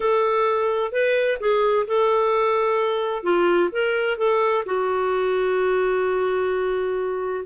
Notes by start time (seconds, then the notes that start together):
0.00 A4
0.92 B4
1.40 G#4
1.87 A4
3.23 F4
3.71 A#4
4.17 A4
4.65 F#4